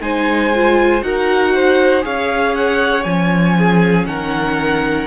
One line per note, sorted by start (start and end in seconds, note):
0.00 1.02 G#3
0.00 0.52 D#4
0.00 1.04 C5
0.00 1.02 G#5
0.54 1.00 F4
1.00 2.03 D#4
1.00 2.01 F#4
1.00 1.54 A#4
1.00 2.04 F#5
1.54 2.05 C5
2.01 3.04 C#4
2.01 3.03 G#4
2.01 3.57 C#5
2.01 2.55 F5
2.55 3.03 F#5
3.03 4.06 F3
3.03 5.06 C#4
3.03 4.05 G#5
3.57 4.08 G#4
4.06 5.06 D#3
4.06 5.06 A#4
4.06 5.06 F#5